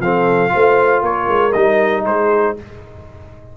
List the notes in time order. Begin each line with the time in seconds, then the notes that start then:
0.00 F3 C4 A4 F5
0.49 F4 C5
0.55 A3
1.02 A#3 A#4 C#5
1.28 G#3
1.52 G3 D#4 D#5
2.04 G#3 G#4 C5